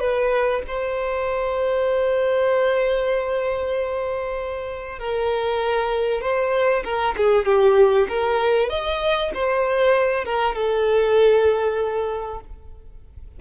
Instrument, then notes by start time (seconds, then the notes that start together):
violin
0.00 B4
0.68 C5
4.99 A#4
6.22 C5
6.84 A#4
7.18 G#4
7.46 G4
8.09 A#4
8.70 D#5
9.35 C5
10.25 A#4
10.55 A4